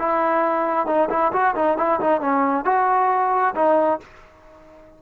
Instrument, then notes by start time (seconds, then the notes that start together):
trombone
0.00 E4
0.87 D#4
1.10 E4
1.33 F#4
1.56 D#4
1.78 E4
2.01 D#4
2.21 C#4
2.65 F#4
3.56 D#4